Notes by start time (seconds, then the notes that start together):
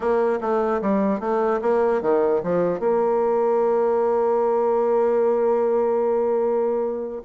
0.00 A#3
0.40 A3
0.81 G3
1.20 A3
1.61 A#3
2.01 D#3
2.43 F3
2.79 A#3